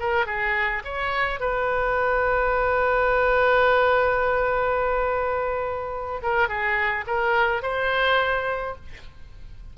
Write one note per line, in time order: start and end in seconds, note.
0.00 0.26 A#4
0.26 0.83 G#4
0.85 1.40 C#5
1.40 6.21 B4
6.23 6.48 A#4
6.48 7.05 G#4
7.07 7.63 A#4
7.63 8.76 C5